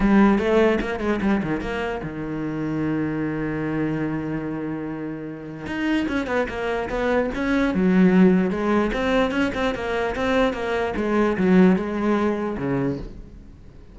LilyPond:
\new Staff \with { instrumentName = "cello" } { \time 4/4 \tempo 4 = 148 g4 a4 ais8 gis8 g8 dis8 | ais4 dis2.~ | dis1~ | dis2 dis'4 cis'8 b8 |
ais4 b4 cis'4 fis4~ | fis4 gis4 c'4 cis'8 c'8 | ais4 c'4 ais4 gis4 | fis4 gis2 cis4 | }